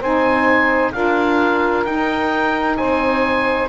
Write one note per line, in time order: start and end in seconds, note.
0.00 0.94 C4
0.00 0.93 D#4
0.00 0.92 C5
0.00 0.93 G#5
0.93 1.86 D4
0.93 1.85 F4
0.93 2.78 A#4
0.93 1.85 F5
1.85 3.69 D#4
1.85 2.78 D#4
1.85 2.77 G5
2.77 3.69 C4
2.77 3.69 C5
2.77 3.69 G#5